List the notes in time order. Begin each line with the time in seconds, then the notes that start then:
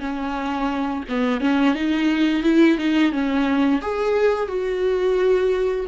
0.00 C#4
1.08 B3
1.40 C#4
1.74 D#4
2.43 E4
2.77 D#4
3.12 C#4
3.81 G#4
4.48 F#4